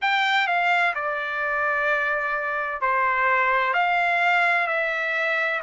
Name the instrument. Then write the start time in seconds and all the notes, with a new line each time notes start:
trumpet
0.01 G5
0.47 F5
0.95 D5
2.81 C5
3.73 F5
4.67 E5